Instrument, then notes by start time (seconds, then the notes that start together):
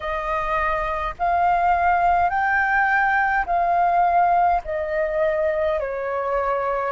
flute
0.00 D#5
1.19 F5
2.29 G5
3.46 F5
4.64 D#5
5.80 C#5